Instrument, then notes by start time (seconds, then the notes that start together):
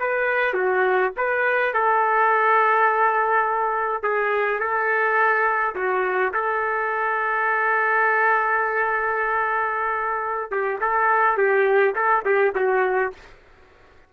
trumpet
0.00 B4
0.54 F#4
1.17 B4
1.74 A4
4.03 G#4
4.60 A4
5.75 F#4
6.34 A4
10.51 G4
10.81 A4
11.38 G4
11.96 A4
12.26 G4
12.56 F#4